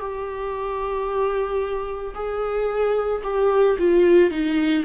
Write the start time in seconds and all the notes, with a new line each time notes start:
0.00 G4
2.15 G#4
3.23 G4
3.79 F4
4.31 D#4